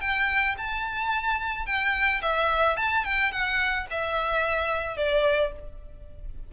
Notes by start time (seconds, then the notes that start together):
0.00 G5
0.57 A5
1.66 G5
2.21 E5
2.76 A5
3.04 G5
3.31 F#5
3.90 E5
4.96 D5